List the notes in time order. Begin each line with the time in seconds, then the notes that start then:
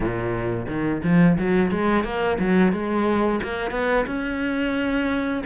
0.00 A#2
0.68 D#3
1.03 F3
1.38 F#3
1.71 G#3
2.04 A#3
2.39 F#3
2.72 G#3
3.43 A#3
3.71 B3
4.06 C#4